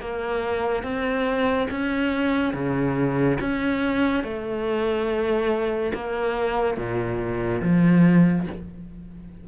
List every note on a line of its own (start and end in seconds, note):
0.00 0.83 A#3
0.83 1.68 C4
1.71 2.54 C#4
2.54 3.38 C#3
3.40 4.24 C#4
4.24 5.93 A3
5.94 6.77 A#3
6.77 7.62 A#2
7.62 8.47 F3